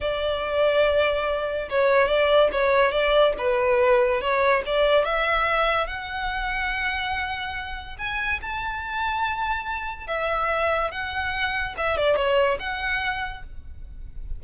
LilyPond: \new Staff \with { instrumentName = "violin" } { \time 4/4 \tempo 4 = 143 d''1 | cis''4 d''4 cis''4 d''4 | b'2 cis''4 d''4 | e''2 fis''2~ |
fis''2. gis''4 | a''1 | e''2 fis''2 | e''8 d''8 cis''4 fis''2 | }